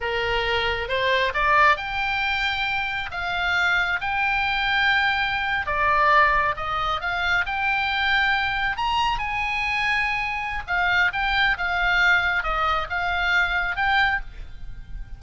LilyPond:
\new Staff \with { instrumentName = "oboe" } { \time 4/4 \tempo 4 = 135 ais'2 c''4 d''4 | g''2. f''4~ | f''4 g''2.~ | g''8. d''2 dis''4 f''16~ |
f''8. g''2. ais''16~ | ais''8. gis''2.~ gis''16 | f''4 g''4 f''2 | dis''4 f''2 g''4 | }